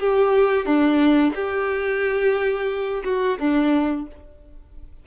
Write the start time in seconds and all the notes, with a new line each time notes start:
0.00 G4
0.66 D4
1.35 G4
3.05 F#4
3.39 D4